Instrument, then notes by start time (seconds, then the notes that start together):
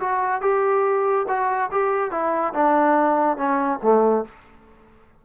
trombone
0.00 F#4
0.41 G4
1.28 F#4
1.71 G4
2.11 E4
2.54 D4
3.37 C#4
3.83 A3